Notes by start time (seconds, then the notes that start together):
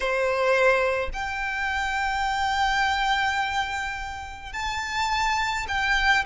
0.00 C5
1.13 G5
4.53 A5
5.68 G5